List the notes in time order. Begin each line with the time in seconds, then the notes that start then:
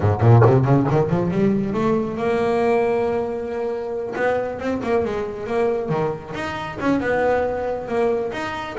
0.00 G#2
0.21 A#2
0.45 C3
0.64 C#3
0.91 D#3
1.09 F3
1.30 G3
1.73 A3
2.17 A#3
4.15 B3
4.59 C4
4.83 A#3
5.04 G#3
5.46 A#3
5.89 D#3
6.34 D#4
6.80 C#4
7.00 B3
7.87 A#3
8.32 D#4